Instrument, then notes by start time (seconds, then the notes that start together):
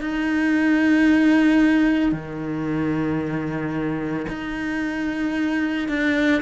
cello
0.00 D#4
2.12 D#3
4.28 D#4
5.88 D4